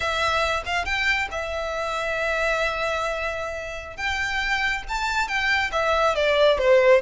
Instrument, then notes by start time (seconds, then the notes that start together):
violin
0.00 E5
0.65 F5
0.85 G5
1.31 E5
3.96 G5
4.88 A5
5.27 G5
5.72 E5
6.15 D5
6.58 C5